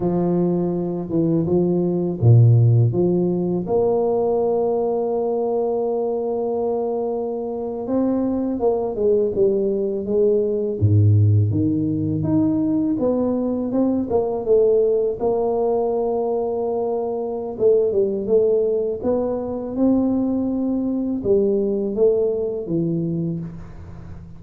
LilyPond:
\new Staff \with { instrumentName = "tuba" } { \time 4/4 \tempo 4 = 82 f4. e8 f4 ais,4 | f4 ais2.~ | ais2~ ais8. c'4 ais16~ | ais16 gis8 g4 gis4 gis,4 dis16~ |
dis8. dis'4 b4 c'8 ais8 a16~ | a8. ais2.~ ais16 | a8 g8 a4 b4 c'4~ | c'4 g4 a4 e4 | }